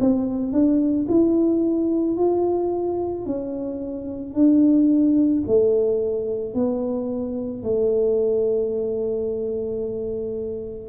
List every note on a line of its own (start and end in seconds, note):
0.00 0.52 C4
0.52 1.07 D4
1.08 2.17 E4
2.17 3.25 F4
3.25 4.34 C#4
4.34 5.43 D4
5.47 6.54 A3
6.54 7.63 B3
7.63 10.89 A3